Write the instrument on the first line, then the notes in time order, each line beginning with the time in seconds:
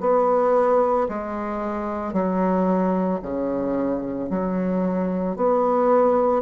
bassoon
0.00 B3
1.09 G#3
2.13 F#3
3.22 C#3
4.30 F#3
5.36 B3